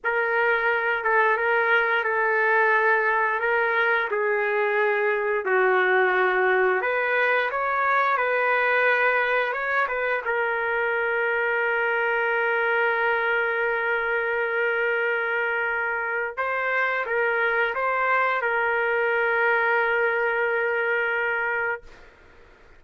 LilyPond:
\new Staff \with { instrumentName = "trumpet" } { \time 4/4 \tempo 4 = 88 ais'4. a'8 ais'4 a'4~ | a'4 ais'4 gis'2 | fis'2 b'4 cis''4 | b'2 cis''8 b'8 ais'4~ |
ais'1~ | ais'1 | c''4 ais'4 c''4 ais'4~ | ais'1 | }